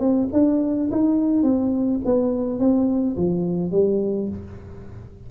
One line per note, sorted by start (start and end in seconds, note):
0.00 0.29 C4
0.33 0.90 D4
0.91 1.43 D#4
1.43 2.01 C4
2.05 2.60 B3
2.60 3.17 C4
3.17 3.72 F3
3.72 4.29 G3